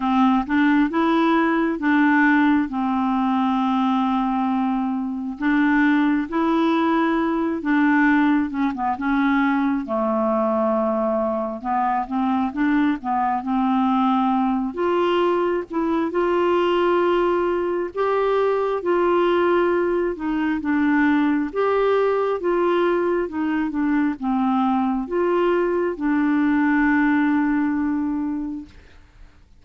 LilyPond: \new Staff \with { instrumentName = "clarinet" } { \time 4/4 \tempo 4 = 67 c'8 d'8 e'4 d'4 c'4~ | c'2 d'4 e'4~ | e'8 d'4 cis'16 b16 cis'4 a4~ | a4 b8 c'8 d'8 b8 c'4~ |
c'8 f'4 e'8 f'2 | g'4 f'4. dis'8 d'4 | g'4 f'4 dis'8 d'8 c'4 | f'4 d'2. | }